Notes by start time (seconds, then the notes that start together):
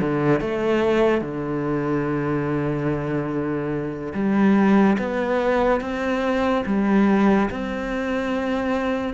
0.00 D3
0.40 A3
1.21 D3
4.14 G3
4.98 B3
5.80 C4
6.66 G3
7.50 C4